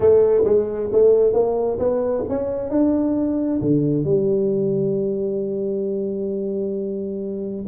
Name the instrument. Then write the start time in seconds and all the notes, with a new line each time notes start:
tuba
0.00 A3
0.44 G#3
0.92 A3
1.33 A#3
1.78 B3
2.28 C#4
2.69 D4
3.61 D3
4.04 G3